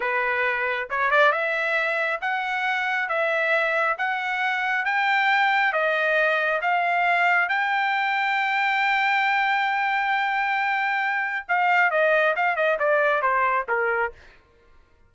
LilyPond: \new Staff \with { instrumentName = "trumpet" } { \time 4/4 \tempo 4 = 136 b'2 cis''8 d''8 e''4~ | e''4 fis''2 e''4~ | e''4 fis''2 g''4~ | g''4 dis''2 f''4~ |
f''4 g''2.~ | g''1~ | g''2 f''4 dis''4 | f''8 dis''8 d''4 c''4 ais'4 | }